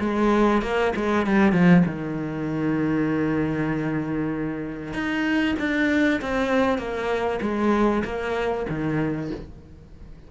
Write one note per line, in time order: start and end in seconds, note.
0.00 0.62 G#3
0.62 0.93 A#3
0.96 1.27 G#3
1.27 1.52 G3
1.52 1.83 F3
1.86 4.94 D#3
4.94 5.56 D#4
5.59 6.21 D4
6.22 6.78 C4
6.78 7.40 A#3
7.42 8.04 G#3
8.05 8.67 A#3
8.69 9.31 D#3